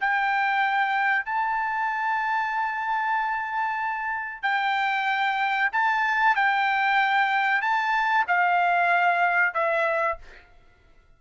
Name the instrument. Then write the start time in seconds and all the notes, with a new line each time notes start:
trumpet
0.00 G5
1.25 A5
4.42 G5
5.72 A5
6.35 G5
7.61 A5
8.27 F5
9.54 E5